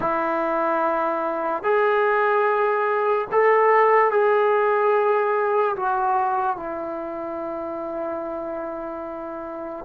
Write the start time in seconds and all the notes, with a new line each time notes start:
0.00 E4
1.63 G#4
3.31 A4
4.11 G#4
5.76 F#4
6.56 E4